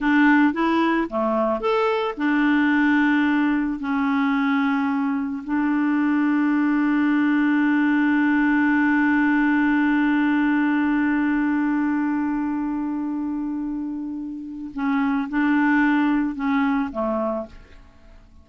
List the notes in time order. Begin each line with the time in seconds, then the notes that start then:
0.00 D4
0.53 E4
1.09 A3
1.60 A4
2.17 D4
3.79 C#4
5.44 D4
14.73 C#4
15.29 D4
16.35 C#4
16.91 A3